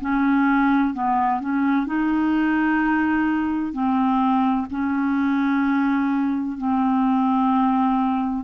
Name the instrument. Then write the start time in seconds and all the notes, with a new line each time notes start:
clarinet
0.00 C#4
0.94 B3
1.40 C#4
1.86 D#4
3.72 C4
4.70 C#4
6.57 C4